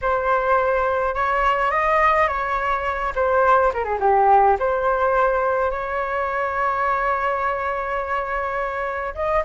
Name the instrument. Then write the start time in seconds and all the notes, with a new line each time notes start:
flute
0.01 C5
1.14 C#5
1.71 D#5
2.27 C#5
3.15 C5
3.73 A#4
3.84 G#4
3.99 G4
4.59 C5
5.71 C#5
9.14 D#5